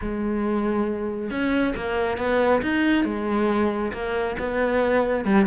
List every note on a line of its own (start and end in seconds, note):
0.01 1.30 G#3
1.30 1.74 C#4
1.76 2.17 A#3
2.17 2.61 B3
2.62 3.04 D#4
3.04 3.92 G#3
3.92 4.36 A#3
4.38 5.24 B3
5.24 5.46 G3